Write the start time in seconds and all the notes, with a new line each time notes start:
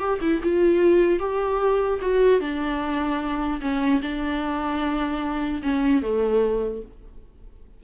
0.00 G4
0.22 E4
0.43 F4
1.20 G4
2.02 F#4
2.41 D4
3.61 C#4
4.02 D4
5.63 C#4
6.03 A3